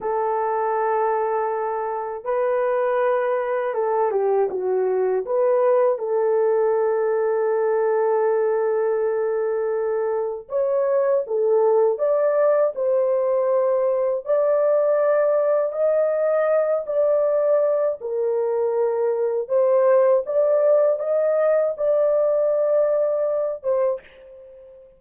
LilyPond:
\new Staff \with { instrumentName = "horn" } { \time 4/4 \tempo 4 = 80 a'2. b'4~ | b'4 a'8 g'8 fis'4 b'4 | a'1~ | a'2 cis''4 a'4 |
d''4 c''2 d''4~ | d''4 dis''4. d''4. | ais'2 c''4 d''4 | dis''4 d''2~ d''8 c''8 | }